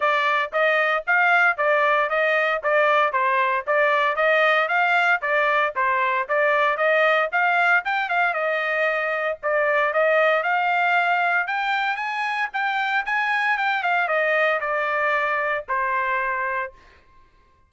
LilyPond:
\new Staff \with { instrumentName = "trumpet" } { \time 4/4 \tempo 4 = 115 d''4 dis''4 f''4 d''4 | dis''4 d''4 c''4 d''4 | dis''4 f''4 d''4 c''4 | d''4 dis''4 f''4 g''8 f''8 |
dis''2 d''4 dis''4 | f''2 g''4 gis''4 | g''4 gis''4 g''8 f''8 dis''4 | d''2 c''2 | }